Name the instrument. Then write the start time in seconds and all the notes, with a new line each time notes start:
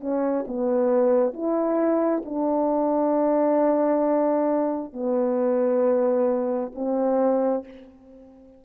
horn
0.00 C#4
0.47 B3
1.33 E4
2.25 D4
4.93 B3
6.75 C4